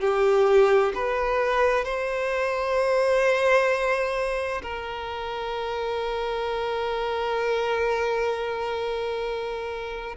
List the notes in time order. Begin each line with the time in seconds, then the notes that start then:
0.00 G4
0.94 B4
1.84 C5
4.62 A#4